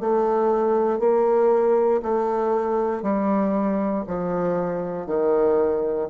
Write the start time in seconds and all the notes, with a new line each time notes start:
0.00 A3
0.99 A#3
2.02 A3
3.02 G3
4.07 F3
5.06 D#3